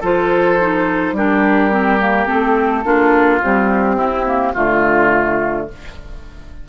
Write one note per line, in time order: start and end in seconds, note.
0.00 1.12 F3
0.00 0.59 F4
0.00 1.13 A4
0.00 1.17 C5
0.61 1.16 D#4
1.12 2.25 G3
1.12 1.71 D4
1.12 2.85 G4
1.12 2.27 A#4
1.71 1.99 C4
2.00 2.27 A#3
2.27 2.84 A3
2.27 2.83 C4
2.27 3.40 A4
2.84 3.41 A#3
2.84 3.41 D4
2.84 3.96 F4
3.42 3.97 G3
3.42 4.55 C4
3.42 4.54 G4
3.96 4.25 C4
3.96 4.52 E4
4.26 4.54 A#3
4.53 5.68 D3
4.53 5.69 A3
4.53 5.67 F4
4.53 5.68 F4